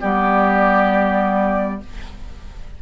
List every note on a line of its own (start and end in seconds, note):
0.00 1.82 G3
0.00 1.79 B3
0.00 1.79 G4
0.00 1.80 D5